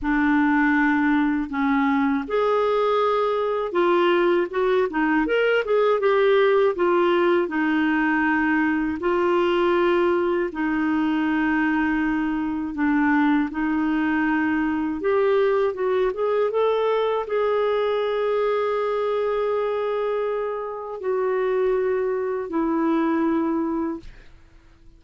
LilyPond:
\new Staff \with { instrumentName = "clarinet" } { \time 4/4 \tempo 4 = 80 d'2 cis'4 gis'4~ | gis'4 f'4 fis'8 dis'8 ais'8 gis'8 | g'4 f'4 dis'2 | f'2 dis'2~ |
dis'4 d'4 dis'2 | g'4 fis'8 gis'8 a'4 gis'4~ | gis'1 | fis'2 e'2 | }